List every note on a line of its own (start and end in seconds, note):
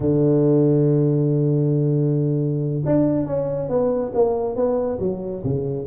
0.00 2.82 D3
2.85 3.25 D4
3.25 3.68 C#4
3.68 4.12 B3
4.14 4.55 A#3
4.55 4.99 B3
4.99 5.42 F#3
5.43 5.86 C#3